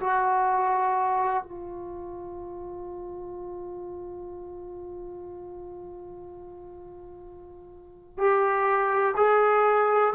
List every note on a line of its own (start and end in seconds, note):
0.00 1.43 F#4
1.43 8.18 F4
8.18 9.15 G4
9.16 10.13 G#4